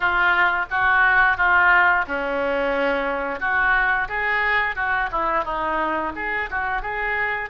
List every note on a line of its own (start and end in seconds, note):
0.00 0.65 F4
0.70 1.37 F#4
1.37 2.05 F4
2.07 3.39 C#4
3.39 4.08 F#4
4.08 4.75 G#4
4.75 5.09 F#4
5.11 5.44 E4
5.44 6.12 D#4
6.15 6.49 G#4
6.50 6.82 F#4
6.82 7.49 G#4